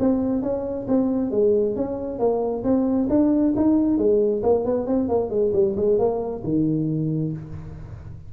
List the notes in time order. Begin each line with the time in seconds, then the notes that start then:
0.00 C4
0.42 C#4
0.88 C4
1.32 G#3
1.76 C#4
2.19 A#3
2.64 C4
3.09 D4
3.57 D#4
3.98 G#3
4.43 A#3
4.65 B3
4.87 C4
5.09 A#3
5.30 G#3
5.54 G3
5.77 G#3
5.99 A#3
6.44 D#3